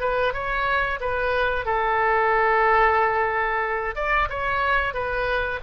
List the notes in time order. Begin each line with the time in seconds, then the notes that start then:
0.00 B4
0.33 C#5
1.00 B4
1.65 A4
3.95 D5
4.29 C#5
4.93 B4